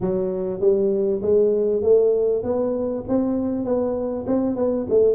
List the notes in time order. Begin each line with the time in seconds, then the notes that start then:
0.00 F#3
0.60 G3
1.22 G#3
1.82 A3
2.43 B3
3.08 C4
3.64 B3
4.26 C4
4.56 B3
4.89 A3